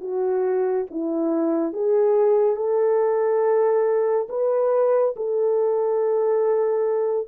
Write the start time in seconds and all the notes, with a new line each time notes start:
0.00 F#4
0.90 E4
1.73 G#4
2.56 A4
4.29 B4
5.16 A4